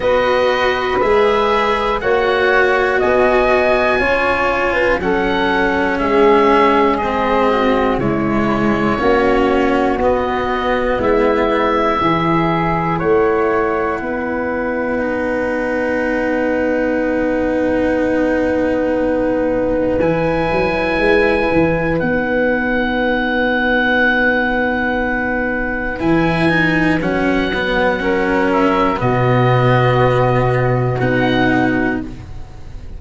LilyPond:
<<
  \new Staff \with { instrumentName = "oboe" } { \time 4/4 \tempo 4 = 60 dis''4 e''4 fis''4 gis''4~ | gis''4 fis''4 e''4 dis''4 | cis''2 dis''4 e''4~ | e''4 fis''2.~ |
fis''1 | gis''2 fis''2~ | fis''2 gis''4 fis''4~ | fis''8 e''8 dis''2 fis''4 | }
  \new Staff \with { instrumentName = "flute" } { \time 4/4 b'2 cis''4 dis''4 | cis''8. b'16 a'4 gis'4. fis'8 | e'4 fis'2 e'4 | gis'4 cis''4 b'2~ |
b'1~ | b'1~ | b'1 | ais'4 fis'2. | }
  \new Staff \with { instrumentName = "cello" } { \time 4/4 fis'4 gis'4 fis'2 | f'4 cis'2 c'4 | gis4 cis'4 b2 | e'2. dis'4~ |
dis'1 | e'2 dis'2~ | dis'2 e'8 dis'8 cis'8 b8 | cis'4 b2 dis'4 | }
  \new Staff \with { instrumentName = "tuba" } { \time 4/4 b4 gis4 ais4 b4 | cis'4 fis4 gis2 | cis4 ais4 b4 gis4 | e4 a4 b2~ |
b1 | e8 fis8 gis8 e8 b2~ | b2 e4 fis4~ | fis4 b,2 b4 | }
>>